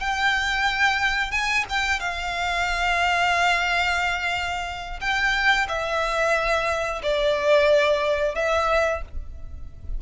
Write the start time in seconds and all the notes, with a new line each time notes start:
0.00 G5
1.31 G#5
1.69 G5
2.00 F5
5.00 G5
5.68 E5
7.02 D5
8.35 E5